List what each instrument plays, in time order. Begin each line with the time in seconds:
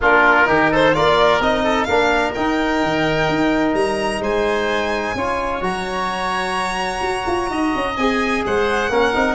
0.00 tuba A#3, trombone D4, oboe F4, violin A#4
0.45 tuba D#3, trombone D#4, oboe G4
0.71 oboe A4, violin C5
0.93 tuba A#3, trombone F4, oboe A#4, violin D5
1.40 tuba C4, trombone D#4, violin D#5
1.63 oboe A4
1.84 tuba A#3, trombone D4, oboe A#4, violin F5
2.34 trombone D#4, tuba D#4, violin G5
2.83 tuba D#3
3.28 tuba D#4
3.73 tuba G3, violin A#5
4.20 tuba G#3, oboe C5, violin G#5
5.14 tuba C#4, trombone F4, oboe C#5
5.60 tuba F#3, trombone F#4, violin A#5
7.01 tuba F#4
7.26 tuba F4
7.49 tuba D#4, oboe D#5
7.75 tuba C#4
7.96 tuba C4, trombone G#4, violin G#5
8.45 tuba G#3, oboe C5, violin F#5
8.89 tuba A#3, trombone C#4, oboe A#4
9.14 tuba C4, trombone D#4